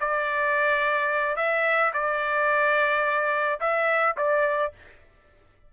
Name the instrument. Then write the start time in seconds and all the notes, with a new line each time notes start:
trumpet
0.00 D5
1.36 E5
1.93 D5
3.60 E5
4.17 D5